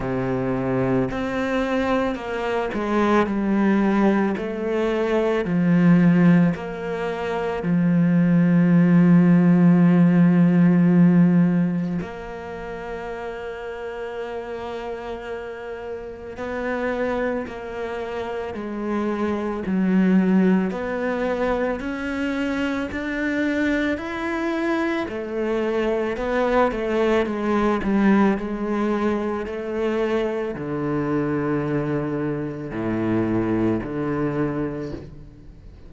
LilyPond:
\new Staff \with { instrumentName = "cello" } { \time 4/4 \tempo 4 = 55 c4 c'4 ais8 gis8 g4 | a4 f4 ais4 f4~ | f2. ais4~ | ais2. b4 |
ais4 gis4 fis4 b4 | cis'4 d'4 e'4 a4 | b8 a8 gis8 g8 gis4 a4 | d2 a,4 d4 | }